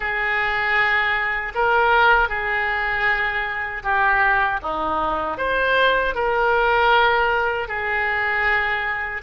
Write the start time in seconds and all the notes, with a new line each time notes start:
0.00 G#4
1.55 A#4
2.29 G#4
3.83 G4
4.62 D#4
5.37 C5
6.14 A#4
7.67 G#4